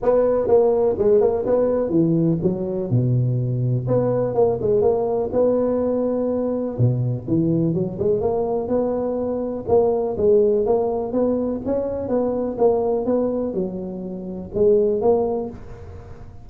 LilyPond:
\new Staff \with { instrumentName = "tuba" } { \time 4/4 \tempo 4 = 124 b4 ais4 gis8 ais8 b4 | e4 fis4 b,2 | b4 ais8 gis8 ais4 b4~ | b2 b,4 e4 |
fis8 gis8 ais4 b2 | ais4 gis4 ais4 b4 | cis'4 b4 ais4 b4 | fis2 gis4 ais4 | }